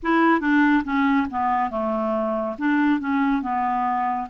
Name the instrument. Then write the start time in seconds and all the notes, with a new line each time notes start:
clarinet
0.02 E4
0.40 D4
0.84 C#4
1.30 B3
1.70 A3
2.58 D4
3.00 C#4
3.42 B3